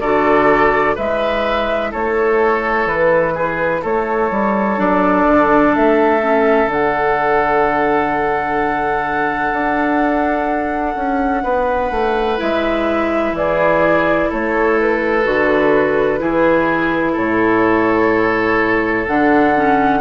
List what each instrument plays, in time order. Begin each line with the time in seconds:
0.00 bassoon D3, clarinet F#4, oboe A4, flute D5
0.95 bassoon G#3, clarinet E4, oboe B4, flute E5
1.91 bassoon A3, oboe A4, flute C#5
2.86 bassoon E3, flute B4
3.34 oboe G#4
3.82 bassoon A3, oboe A4, flute C#5
4.31 bassoon G3
4.77 bassoon F#3, clarinet D4, flute D5
5.28 bassoon D3
5.75 bassoon A3, flute E5
6.22 clarinet C#4
6.67 bassoon D3, clarinet D4, flute F#5
9.52 bassoon D4
10.96 bassoon C#4
11.43 bassoon B3, oboe B4
11.91 bassoon A3
12.37 bassoon G#3, clarinet E4, flute E5
13.33 bassoon E3, oboe G#4, flute D5
14.29 bassoon A3, oboe A4, flute C#5
14.80 flute B4
15.25 bassoon D3, clarinet F#4
16.19 bassoon E3, clarinet E4, oboe G#4
17.12 bassoon A2, oboe A4, flute C#5
19.07 bassoon D3, clarinet D4, flute F#5
19.56 clarinet C#4